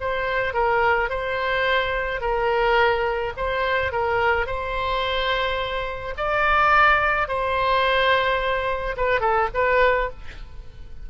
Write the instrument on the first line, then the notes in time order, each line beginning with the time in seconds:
oboe
0.00 C5
0.53 A#4
1.09 C5
2.21 A#4
3.36 C5
3.92 A#4
4.46 C5
6.17 D5
7.28 C5
8.96 B4
9.20 A4
9.54 B4